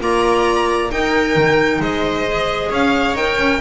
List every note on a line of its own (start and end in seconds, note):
0.00 0.91 A#3
0.00 0.90 F4
0.00 0.92 D5
0.00 0.91 A#5
0.90 2.26 D#4
0.90 1.36 D#4
0.90 1.82 A#4
0.90 1.82 G5
1.36 1.80 D#3
1.80 2.70 G#3
1.80 2.70 C5
1.80 2.72 D#5
2.27 3.17 G#4
2.70 3.15 C#4
2.70 3.60 C#5
2.70 3.17 F5
3.15 3.37 D#4
3.15 3.62 A#4
3.15 3.62 G5
3.38 3.60 C#4